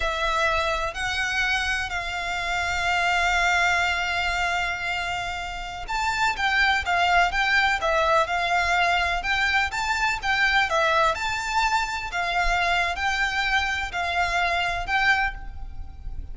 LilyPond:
\new Staff \with { instrumentName = "violin" } { \time 4/4 \tempo 4 = 125 e''2 fis''2 | f''1~ | f''1~ | f''16 a''4 g''4 f''4 g''8.~ |
g''16 e''4 f''2 g''8.~ | g''16 a''4 g''4 e''4 a''8.~ | a''4~ a''16 f''4.~ f''16 g''4~ | g''4 f''2 g''4 | }